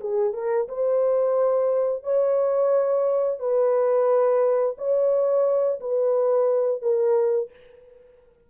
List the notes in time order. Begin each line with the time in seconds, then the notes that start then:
0.00 G#4
0.33 A#4
0.68 C5
2.03 C#5
3.39 B4
4.78 C#5
5.80 B4
6.82 A#4